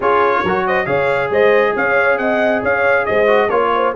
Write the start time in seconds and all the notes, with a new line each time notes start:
0.00 C#4 F4 G#4 C#5
0.43 F#3 F#4 A#4
0.67 C5 D#5
0.85 C#3 G#4 C#5 F5
1.30 G#3 C5 D#5
1.75 C#4 C#5 F5
2.18 C4 D#5 F#5
2.62 C#4 C#5 F5
3.05 G#3 C5 D#5
3.26 F#4
3.48 A#3 F4 C#5
3.74 C5